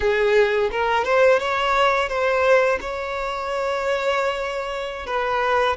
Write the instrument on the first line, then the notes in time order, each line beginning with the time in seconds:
violin
0.00 G#4
0.71 A#4
1.04 C5
1.39 C#5
2.09 C5
2.80 C#5
5.06 B4